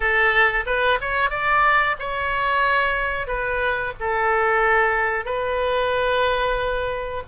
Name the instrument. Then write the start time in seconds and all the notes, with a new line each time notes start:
oboe
0.00 A4
0.66 B4
1.00 C#5
1.29 D5
1.99 C#5
3.27 B4
4.00 A4
5.25 B4